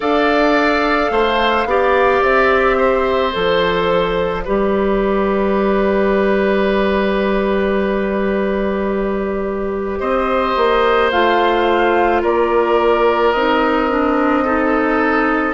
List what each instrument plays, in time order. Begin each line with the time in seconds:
0.00 bassoon D4, clarinet A4, oboe D5, flute F5
1.10 bassoon A3, oboe C5
1.65 bassoon B3, clarinet G4, oboe D5
2.21 bassoon C4, flute E5
2.77 oboe C5
3.32 bassoon F3, clarinet A4, flute D5
4.44 bassoon G3, clarinet G4, oboe B4
9.99 bassoon C4, oboe C5, flute D#5
10.56 bassoon A#3
11.11 bassoon A3, clarinet F4, flute F5
12.22 bassoon A#3, oboe A#4, flute D5
13.32 bassoon C4, clarinet D#4, flute D#5
13.89 clarinet D4
14.44 clarinet D#4, oboe A4